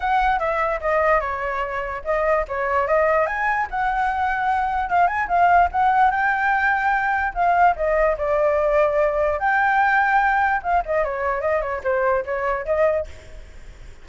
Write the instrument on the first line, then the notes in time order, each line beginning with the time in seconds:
flute
0.00 F#5
0.39 E5
0.81 D#5
1.20 C#5
2.04 D#5
2.48 C#5
2.87 D#5
3.26 G#5
3.70 F#5
4.89 F5
5.07 G#5
5.27 F5
5.71 F#5
6.10 G5
7.34 F5
7.76 D#5
8.17 D5
9.39 G5
10.63 F5
10.85 D#5
11.04 C#5
11.41 D#5
11.61 C#5
11.83 C5
12.25 C#5
12.65 D#5